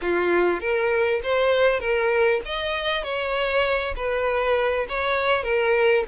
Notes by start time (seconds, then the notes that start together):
0.01 F4
0.60 A#4
1.23 C5
1.80 A#4
2.45 D#5
3.03 C#5
3.96 B4
4.88 C#5
5.43 A#4